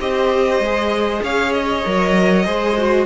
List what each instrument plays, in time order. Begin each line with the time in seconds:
0.00 cello C4, viola G4, violin C5 D#5
0.60 cello G#3, viola G#4
1.24 cello C#4, violin C#5 F5
1.53 violin D#5
1.85 cello F#3, viola A#4
2.45 cello G#3, viola G#4, violin C5
2.78 viola F#4